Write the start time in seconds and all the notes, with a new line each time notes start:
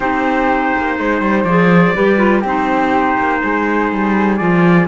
0.00 C4 D#4 G4 C5
0.78 A#3
0.98 G#3 C5
1.21 G3
1.44 F3 G#4 D5
1.95 G3 G4 B4
2.17 F4
2.40 C4 G4
2.46 D#4 C5
3.17 A#3
3.43 G#3 G#4
3.91 G3
4.37 F3 F4 D5